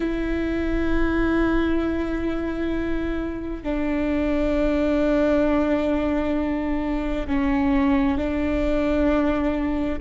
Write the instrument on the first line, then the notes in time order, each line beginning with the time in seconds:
viola
0.00 E4
3.63 D4
7.27 C#4
8.17 D4